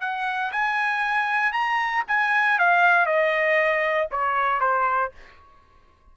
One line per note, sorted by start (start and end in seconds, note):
0.00 0.51 F#5
0.52 1.52 G#5
1.52 2.03 A#5
2.07 2.58 G#5
2.58 3.06 F5
3.06 4.08 D#5
4.11 4.60 C#5
4.60 5.11 C5